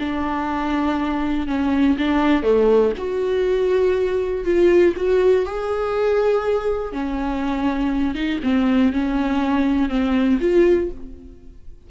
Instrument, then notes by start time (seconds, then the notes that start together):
viola
0.00 D4
1.48 C#4
1.98 D4
2.43 A3
2.98 F#4
4.45 F4
4.97 F#4
5.46 G#4
6.93 C#4
8.15 D#4
8.44 C4
8.93 C#4
9.89 C4
10.41 F4